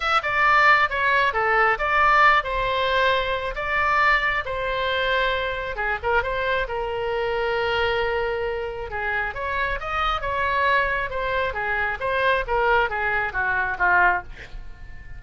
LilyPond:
\new Staff \with { instrumentName = "oboe" } { \time 4/4 \tempo 4 = 135 e''8 d''4. cis''4 a'4 | d''4. c''2~ c''8 | d''2 c''2~ | c''4 gis'8 ais'8 c''4 ais'4~ |
ais'1 | gis'4 cis''4 dis''4 cis''4~ | cis''4 c''4 gis'4 c''4 | ais'4 gis'4 fis'4 f'4 | }